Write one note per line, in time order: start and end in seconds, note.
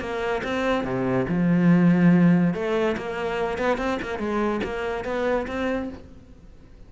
0.00 0.42 A#3
0.44 0.84 C4
0.84 1.26 C3
1.29 2.54 F3
2.54 2.96 A3
2.97 3.58 A#3
3.58 3.78 B3
3.78 3.99 C4
4.02 4.19 A#3
4.19 4.61 G#3
4.63 5.04 A#3
5.04 5.46 B3
5.47 5.89 C4